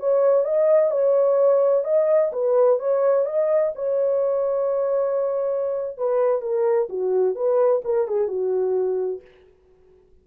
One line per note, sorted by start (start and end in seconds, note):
0.00 0.45 C#5
0.45 0.91 D#5
0.91 1.85 C#5
1.85 2.32 D#5
2.33 2.80 B4
2.80 3.26 C#5
3.26 3.73 D#5
3.76 5.98 C#5
5.98 6.42 B4
6.42 6.89 A#4
6.89 7.36 F#4
7.36 7.83 B4
7.85 8.08 A#4
8.08 8.28 G#4
8.28 9.22 F#4